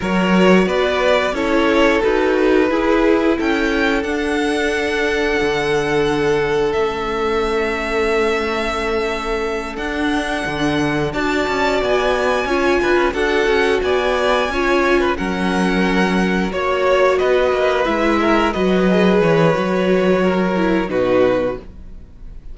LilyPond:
<<
  \new Staff \with { instrumentName = "violin" } { \time 4/4 \tempo 4 = 89 cis''4 d''4 cis''4 b'4~ | b'4 g''4 fis''2~ | fis''2 e''2~ | e''2~ e''8 fis''4.~ |
fis''8 a''4 gis''2 fis''8~ | fis''8 gis''2 fis''4.~ | fis''8 cis''4 dis''4 e''4 dis''8~ | dis''8 cis''2~ cis''8 b'4 | }
  \new Staff \with { instrumentName = "violin" } { \time 4/4 ais'4 b'4 a'2 | gis'4 a'2.~ | a'1~ | a'1~ |
a'8 d''2 cis''8 b'8 a'8~ | a'8 d''4 cis''8. b'16 ais'4.~ | ais'8 cis''4 b'4. ais'8 b'8~ | b'2 ais'4 fis'4 | }
  \new Staff \with { instrumentName = "viola" } { \time 4/4 fis'2 e'4 fis'4 | e'2 d'2~ | d'2 cis'2~ | cis'2~ cis'8 d'4.~ |
d'8 fis'2 f'4 fis'8~ | fis'4. f'4 cis'4.~ | cis'8 fis'2 e'4 fis'8 | gis'4 fis'4. e'8 dis'4 | }
  \new Staff \with { instrumentName = "cello" } { \time 4/4 fis4 b4 cis'4 dis'4 | e'4 cis'4 d'2 | d2 a2~ | a2~ a8 d'4 d8~ |
d8 d'8 cis'8 b4 cis'8 d'16 cis'16 d'8 | cis'8 b4 cis'4 fis4.~ | fis8 ais4 b8 ais8 gis4 fis8~ | fis8 e8 fis2 b,4 | }
>>